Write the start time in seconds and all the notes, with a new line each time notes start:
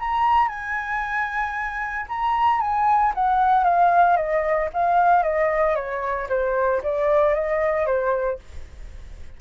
0.00 A#5
0.49 G#5
2.09 A#5
2.61 G#5
3.15 F#5
3.64 F5
4.17 D#5
4.74 F5
5.23 D#5
5.76 C#5
6.29 C5
6.83 D5
7.35 D#5
7.87 C5